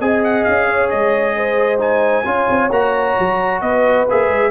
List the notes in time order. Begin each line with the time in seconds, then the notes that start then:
0.00 C4 G#4 D#5 G#5
0.24 F#5
0.44 C#4 F5
0.68 C#5
0.90 G#3 D#5
1.36 C5
1.79 D#4 G#5
2.25 C#4 F4 C#5
2.49 C4
2.70 A#3 F#4 A#5
3.19 F#3
3.61 B3 B4 D#5
4.10 A#3 G#4 E5
4.29 G#3